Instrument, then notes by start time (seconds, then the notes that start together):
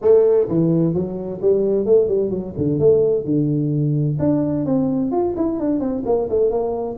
tuba
0.01 A3
0.48 E3
0.93 F#3
1.41 G3
1.85 A3
2.08 G3
2.30 F#3
2.57 D3
2.79 A3
3.24 D3
4.19 D4
4.65 C4
5.11 F4
5.36 E4
5.59 D4
5.79 C4
6.05 A#3
6.29 A3
6.50 A#3